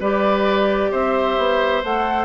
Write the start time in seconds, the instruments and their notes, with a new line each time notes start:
0.00 bassoon G3, clarinet G4, oboe B4, flute D5
0.91 bassoon C4, oboe C5, flute E5
1.38 bassoon B3
1.84 bassoon A3, clarinet A4, flute F#5